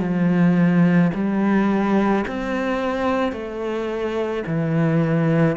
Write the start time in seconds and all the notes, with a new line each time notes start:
0.00 F3
1.14 G3
2.27 C4
3.32 A3
4.46 E3